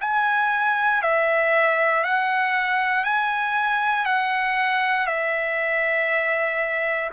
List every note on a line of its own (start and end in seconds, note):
0.00 1.02 G#5
1.02 2.03 E5
2.03 3.04 F#5
3.04 4.05 G#5
4.05 5.06 F#5
5.06 7.10 E5